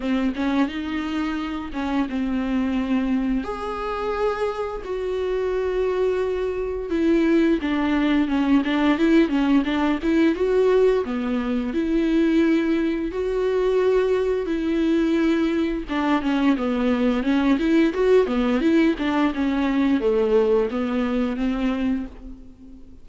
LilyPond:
\new Staff \with { instrumentName = "viola" } { \time 4/4 \tempo 4 = 87 c'8 cis'8 dis'4. cis'8 c'4~ | c'4 gis'2 fis'4~ | fis'2 e'4 d'4 | cis'8 d'8 e'8 cis'8 d'8 e'8 fis'4 |
b4 e'2 fis'4~ | fis'4 e'2 d'8 cis'8 | b4 cis'8 e'8 fis'8 b8 e'8 d'8 | cis'4 a4 b4 c'4 | }